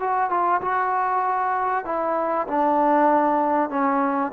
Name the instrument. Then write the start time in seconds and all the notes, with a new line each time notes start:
trombone
0.00 F#4
0.30 F4
0.62 F#4
1.86 E4
2.48 D4
3.70 C#4